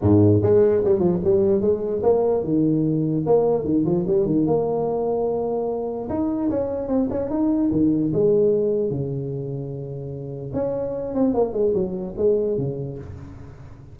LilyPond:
\new Staff \with { instrumentName = "tuba" } { \time 4/4 \tempo 4 = 148 gis,4 gis4 g8 f8 g4 | gis4 ais4 dis2 | ais4 dis8 f8 g8 dis8 ais4~ | ais2. dis'4 |
cis'4 c'8 cis'8 dis'4 dis4 | gis2 cis2~ | cis2 cis'4. c'8 | ais8 gis8 fis4 gis4 cis4 | }